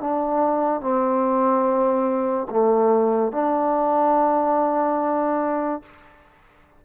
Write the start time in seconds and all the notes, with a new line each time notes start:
0.00 D4
0.81 C4
2.50 A3
3.32 D4